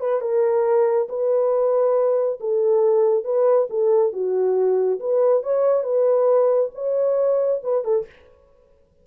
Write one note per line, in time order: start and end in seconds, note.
0.00 0.21 B4
0.21 1.08 A#4
1.08 2.39 B4
2.40 3.24 A4
3.24 3.67 B4
3.70 4.12 A4
4.12 4.99 F#4
5.00 5.42 B4
5.42 5.83 C#5
5.83 6.70 B4
6.74 7.61 C#5
7.63 7.84 B4
7.84 8.06 A4